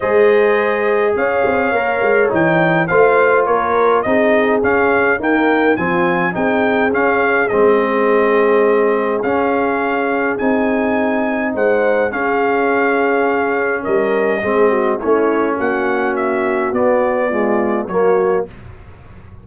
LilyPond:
<<
  \new Staff \with { instrumentName = "trumpet" } { \time 4/4 \tempo 4 = 104 dis''2 f''2 | g''4 f''4 cis''4 dis''4 | f''4 g''4 gis''4 g''4 | f''4 dis''2. |
f''2 gis''2 | fis''4 f''2. | dis''2 cis''4 fis''4 | e''4 d''2 cis''4 | }
  \new Staff \with { instrumentName = "horn" } { \time 4/4 c''2 cis''2~ | cis''4 c''4 ais'4 gis'4~ | gis'4 ais'4 f'4 gis'4~ | gis'1~ |
gis'1 | c''4 gis'2. | ais'4 gis'8 fis'8 e'4 fis'4~ | fis'2 f'4 fis'4 | }
  \new Staff \with { instrumentName = "trombone" } { \time 4/4 gis'2. ais'4 | dis'4 f'2 dis'4 | cis'4 ais4 c'4 dis'4 | cis'4 c'2. |
cis'2 dis'2~ | dis'4 cis'2.~ | cis'4 c'4 cis'2~ | cis'4 b4 gis4 ais4 | }
  \new Staff \with { instrumentName = "tuba" } { \time 4/4 gis2 cis'8 c'8 ais8 gis8 | e4 a4 ais4 c'4 | cis'4 dis'4 f4 c'4 | cis'4 gis2. |
cis'2 c'2 | gis4 cis'2. | g4 gis4 a4 ais4~ | ais4 b2 fis4 | }
>>